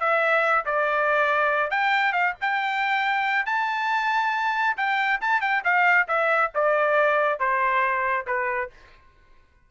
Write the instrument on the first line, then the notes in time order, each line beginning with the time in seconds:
trumpet
0.00 E5
0.66 D5
1.71 G5
2.13 F5
2.42 G5
3.46 A5
4.77 G5
5.21 A5
5.41 G5
5.64 F5
6.08 E5
6.55 D5
7.40 C5
8.27 B4